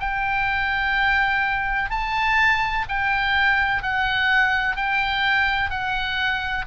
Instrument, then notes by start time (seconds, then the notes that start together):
oboe
0.00 G5
1.90 A5
2.89 G5
3.83 F#5
4.77 G5
5.70 F#5